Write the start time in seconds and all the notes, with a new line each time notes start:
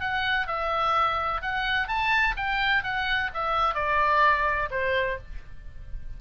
0.00 F#5
0.47 E5
1.42 F#5
1.88 A5
2.36 G5
2.83 F#5
3.34 E5
3.75 D5
4.71 C5